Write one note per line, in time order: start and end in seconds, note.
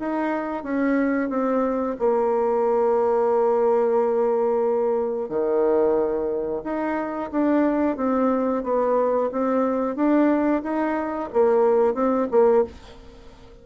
0.00 0.64 D#4
0.64 1.30 C#4
1.30 1.97 C4
1.99 5.29 A#3
5.29 6.63 D#3
6.64 7.31 D#4
7.32 7.97 D4
7.97 8.64 C4
8.64 9.31 B3
9.32 9.96 C4
9.96 10.63 D4
10.63 11.30 D#4
11.33 11.95 A#3
11.95 12.28 C4
12.31 12.65 A#3